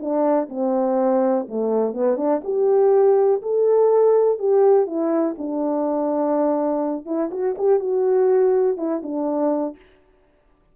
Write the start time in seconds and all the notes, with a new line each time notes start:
0.00 D4
0.49 C4
1.49 A3
1.94 B3
2.17 D4
2.44 G4
3.42 A4
4.39 G4
4.86 E4
5.38 D4
7.06 E4
7.31 F#4
7.58 G4
7.80 F#4
8.77 E4
9.03 D4